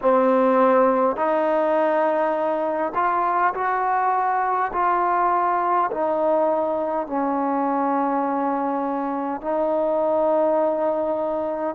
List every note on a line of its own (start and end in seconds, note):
0.01 1.16 C4
1.16 2.93 D#4
2.94 3.53 F4
3.53 4.71 F#4
4.72 5.90 F4
5.91 7.06 D#4
7.06 9.41 C#4
9.41 11.75 D#4